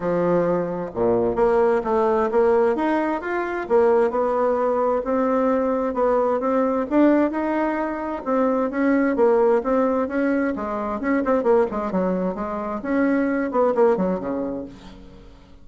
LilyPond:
\new Staff \with { instrumentName = "bassoon" } { \time 4/4 \tempo 4 = 131 f2 ais,4 ais4 | a4 ais4 dis'4 f'4 | ais4 b2 c'4~ | c'4 b4 c'4 d'4 |
dis'2 c'4 cis'4 | ais4 c'4 cis'4 gis4 | cis'8 c'8 ais8 gis8 fis4 gis4 | cis'4. b8 ais8 fis8 cis4 | }